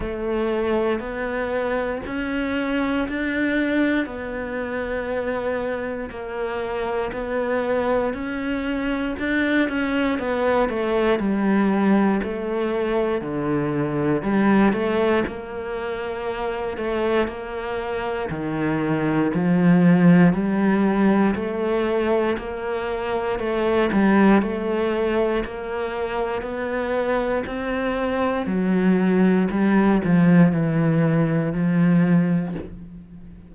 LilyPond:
\new Staff \with { instrumentName = "cello" } { \time 4/4 \tempo 4 = 59 a4 b4 cis'4 d'4 | b2 ais4 b4 | cis'4 d'8 cis'8 b8 a8 g4 | a4 d4 g8 a8 ais4~ |
ais8 a8 ais4 dis4 f4 | g4 a4 ais4 a8 g8 | a4 ais4 b4 c'4 | fis4 g8 f8 e4 f4 | }